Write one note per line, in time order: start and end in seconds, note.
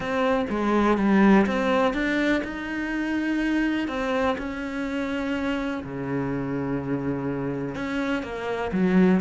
0.00 0.45 C4
0.49 0.97 G#3
0.97 1.45 G3
1.46 1.93 C4
1.93 2.41 D4
2.44 3.88 D#4
3.88 4.36 C4
4.38 5.83 C#4
5.83 7.75 C#3
7.75 8.23 C#4
8.23 8.71 A#3
8.72 9.20 F#3